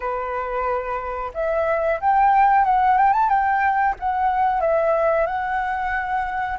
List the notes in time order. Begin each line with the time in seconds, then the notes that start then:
0.00 B4
1.34 E5
2.00 G5
2.64 F#5
2.97 G5
3.13 A5
3.29 G5
3.99 F#5
4.61 E5
5.26 F#5